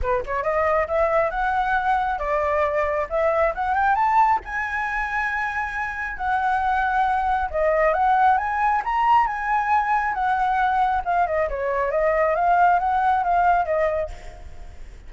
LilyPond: \new Staff \with { instrumentName = "flute" } { \time 4/4 \tempo 4 = 136 b'8 cis''8 dis''4 e''4 fis''4~ | fis''4 d''2 e''4 | fis''8 g''8 a''4 gis''2~ | gis''2 fis''2~ |
fis''4 dis''4 fis''4 gis''4 | ais''4 gis''2 fis''4~ | fis''4 f''8 dis''8 cis''4 dis''4 | f''4 fis''4 f''4 dis''4 | }